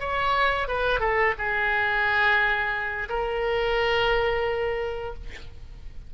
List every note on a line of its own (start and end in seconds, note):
0.00 0.68 C#5
0.68 1.00 B4
1.00 1.34 A4
1.38 3.09 G#4
3.09 5.14 A#4